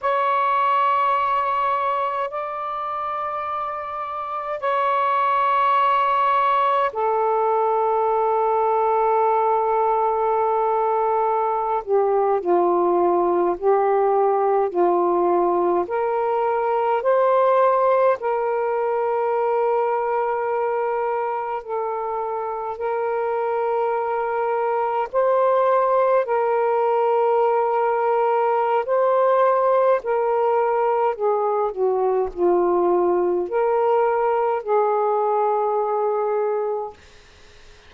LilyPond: \new Staff \with { instrumentName = "saxophone" } { \time 4/4 \tempo 4 = 52 cis''2 d''2 | cis''2 a'2~ | a'2~ a'16 g'8 f'4 g'16~ | g'8. f'4 ais'4 c''4 ais'16~ |
ais'2~ ais'8. a'4 ais'16~ | ais'4.~ ais'16 c''4 ais'4~ ais'16~ | ais'4 c''4 ais'4 gis'8 fis'8 | f'4 ais'4 gis'2 | }